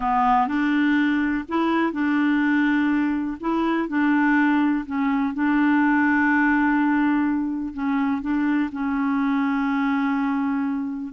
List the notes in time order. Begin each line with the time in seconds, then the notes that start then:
0.00 B3
0.47 D4
1.48 E4
1.92 D4
3.40 E4
3.88 D4
4.86 C#4
5.34 D4
7.73 C#4
8.21 D4
8.71 C#4